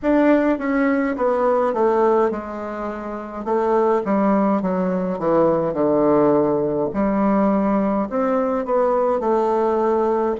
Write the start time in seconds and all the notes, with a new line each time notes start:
0.02 D4
0.58 C#4
1.16 B3
1.73 A3
2.30 G#3
3.45 A3
4.04 G3
4.62 F#3
5.19 E3
5.73 D3
6.93 G3
8.09 C4
8.65 B3
9.20 A3